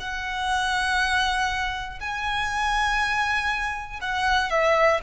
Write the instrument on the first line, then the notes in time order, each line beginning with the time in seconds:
violin
0.00 F#5
2.00 G#5
4.02 F#5
4.50 E5